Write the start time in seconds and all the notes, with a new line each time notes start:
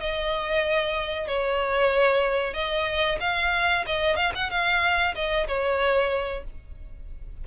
0.00 D#5
1.28 C#5
2.54 D#5
3.21 F5
3.86 D#5
4.16 F5
4.35 F#5
4.50 F5
5.15 D#5
5.48 C#5